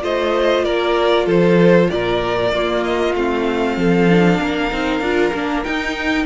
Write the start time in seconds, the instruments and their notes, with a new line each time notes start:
0.00 cello A3, viola F4, violin C5 D#5
0.64 cello A#3, violin A#4 D5
1.26 cello F3, violin A4 C5
1.90 cello A#2, violin A#4 D5
2.51 viola A#3, cello A#3, violin F4
2.84 violin D#5
3.14 cello A3, viola C4, violin F5
3.77 cello F3, violin A4
4.10 viola D4
4.40 cello A#3, violin A#4
4.71 cello C4, viola D#4
5.01 cello D4, viola F4
5.33 cello A#3, viola D4
5.64 viola D#4, cello D#4, violin G5